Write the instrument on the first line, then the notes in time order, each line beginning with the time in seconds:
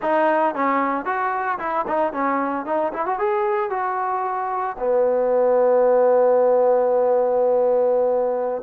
trombone
0.02 D#4
0.54 C#4
1.05 F#4
1.59 E4
1.87 D#4
2.12 C#4
2.65 D#4
2.93 E4
3.05 F#4
3.18 G#4
3.70 F#4
4.79 B3